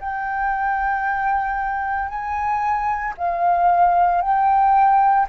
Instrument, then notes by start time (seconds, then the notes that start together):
flute
0.00 G5
2.09 G#5
3.18 F5
4.22 G5